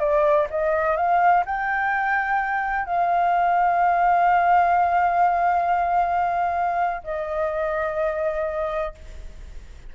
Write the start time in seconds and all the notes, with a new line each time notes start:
0.00 D5
0.50 D#5
0.97 F5
1.46 G5
2.86 F5
7.04 D#5